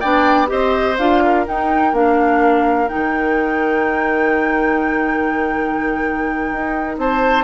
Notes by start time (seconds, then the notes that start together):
0.00 B3 D4 D5 G5
0.47 C4 G4 C5 D#5
0.98 D4 F4 F5
1.24 A#4
1.47 D#4 G5
1.93 A#3 D4 F5
2.88 D#4 G5
2.95 D#3
6.52 D#4
6.98 C4 C5 A5